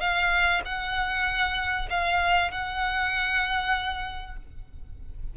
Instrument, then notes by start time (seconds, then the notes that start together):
violin
0.00 F5
0.66 F#5
1.90 F5
2.51 F#5